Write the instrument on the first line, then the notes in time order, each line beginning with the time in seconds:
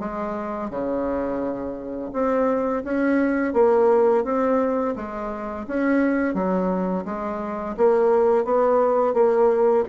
bassoon
0.00 G#3
0.71 C#3
2.13 C4
2.85 C#4
3.54 A#3
4.25 C4
4.96 G#3
5.68 C#4
6.35 F#3
7.06 G#3
7.77 A#3
8.45 B3
9.14 A#3